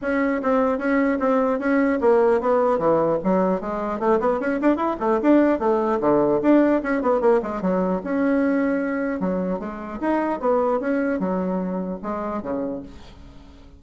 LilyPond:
\new Staff \with { instrumentName = "bassoon" } { \time 4/4 \tempo 4 = 150 cis'4 c'4 cis'4 c'4 | cis'4 ais4 b4 e4 | fis4 gis4 a8 b8 cis'8 d'8 | e'8 a8 d'4 a4 d4 |
d'4 cis'8 b8 ais8 gis8 fis4 | cis'2. fis4 | gis4 dis'4 b4 cis'4 | fis2 gis4 cis4 | }